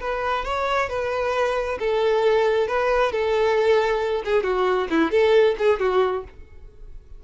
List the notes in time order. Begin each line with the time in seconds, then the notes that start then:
0.00 B4
0.44 C#5
0.89 B4
1.79 A4
2.67 B4
3.12 A4
4.25 G#4
4.43 F#4
4.90 E4
5.11 A4
5.58 G#4
5.79 F#4